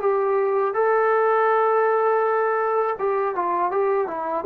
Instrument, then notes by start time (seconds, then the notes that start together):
trombone
0.00 G4
0.74 A4
2.99 G4
3.35 F4
3.71 G4
4.07 E4